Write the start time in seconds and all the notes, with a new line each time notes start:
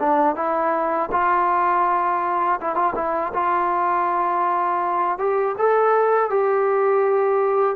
0.00 D4
0.36 E4
1.12 F4
2.61 E4
2.76 F4
2.96 E4
3.34 F4
5.19 G4
5.58 A4
6.30 G4